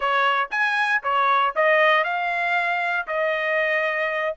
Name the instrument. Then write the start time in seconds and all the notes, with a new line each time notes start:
trumpet
0.00 C#5
0.50 G#5
1.03 C#5
1.55 D#5
2.04 F5
3.07 D#5